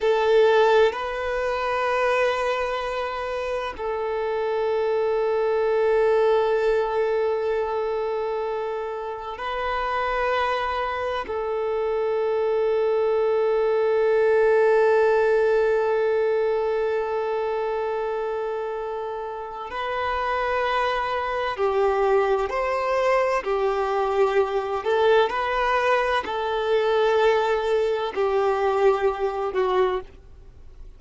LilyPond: \new Staff \with { instrumentName = "violin" } { \time 4/4 \tempo 4 = 64 a'4 b'2. | a'1~ | a'2 b'2 | a'1~ |
a'1~ | a'4 b'2 g'4 | c''4 g'4. a'8 b'4 | a'2 g'4. fis'8 | }